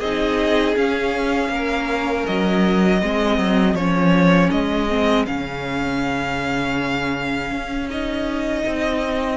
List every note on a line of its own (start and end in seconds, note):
0.00 0.75 C4
0.00 0.76 D#4
0.00 1.50 G#4
0.00 0.75 D#5
0.76 3.01 C#4
0.76 1.49 C#4
0.76 2.26 F5
1.49 2.24 A#3
1.49 3.02 A#4
2.26 3.03 F#3
2.26 3.75 D#5
3.02 3.38 G#3
3.02 3.77 C4
3.02 9.37 G#4
3.38 3.74 F#3
3.74 4.49 F3
3.74 4.89 C#4
3.74 4.50 C#5
4.51 5.27 G#3
4.51 5.26 D#5
4.89 5.26 C4
5.26 7.51 C#3
5.26 7.89 C#4
5.26 7.89 F5
7.51 8.64 C#4
7.89 9.37 D#4
7.89 9.37 D#5
8.66 9.37 C4